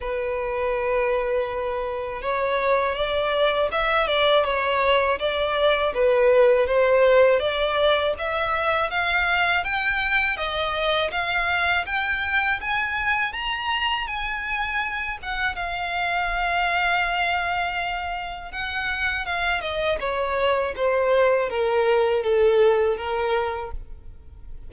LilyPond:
\new Staff \with { instrumentName = "violin" } { \time 4/4 \tempo 4 = 81 b'2. cis''4 | d''4 e''8 d''8 cis''4 d''4 | b'4 c''4 d''4 e''4 | f''4 g''4 dis''4 f''4 |
g''4 gis''4 ais''4 gis''4~ | gis''8 fis''8 f''2.~ | f''4 fis''4 f''8 dis''8 cis''4 | c''4 ais'4 a'4 ais'4 | }